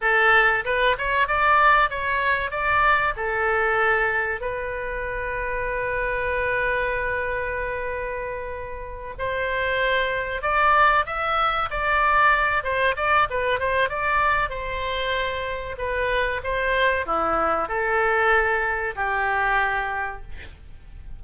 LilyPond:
\new Staff \with { instrumentName = "oboe" } { \time 4/4 \tempo 4 = 95 a'4 b'8 cis''8 d''4 cis''4 | d''4 a'2 b'4~ | b'1~ | b'2~ b'8 c''4.~ |
c''8 d''4 e''4 d''4. | c''8 d''8 b'8 c''8 d''4 c''4~ | c''4 b'4 c''4 e'4 | a'2 g'2 | }